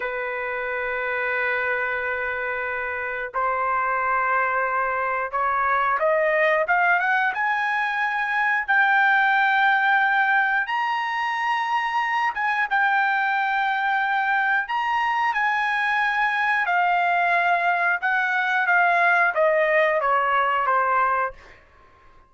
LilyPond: \new Staff \with { instrumentName = "trumpet" } { \time 4/4 \tempo 4 = 90 b'1~ | b'4 c''2. | cis''4 dis''4 f''8 fis''8 gis''4~ | gis''4 g''2. |
ais''2~ ais''8 gis''8 g''4~ | g''2 ais''4 gis''4~ | gis''4 f''2 fis''4 | f''4 dis''4 cis''4 c''4 | }